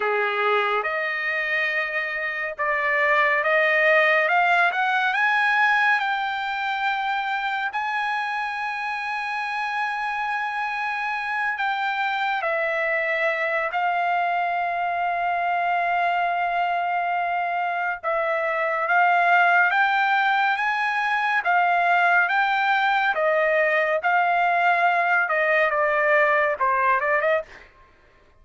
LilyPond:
\new Staff \with { instrumentName = "trumpet" } { \time 4/4 \tempo 4 = 70 gis'4 dis''2 d''4 | dis''4 f''8 fis''8 gis''4 g''4~ | g''4 gis''2.~ | gis''4. g''4 e''4. |
f''1~ | f''4 e''4 f''4 g''4 | gis''4 f''4 g''4 dis''4 | f''4. dis''8 d''4 c''8 d''16 dis''16 | }